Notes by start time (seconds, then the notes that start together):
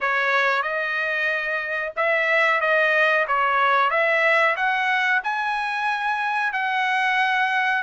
0.00 C#5
0.62 D#5
1.96 E5
2.61 D#5
3.27 C#5
3.90 E5
4.56 F#5
5.23 G#5
6.52 F#5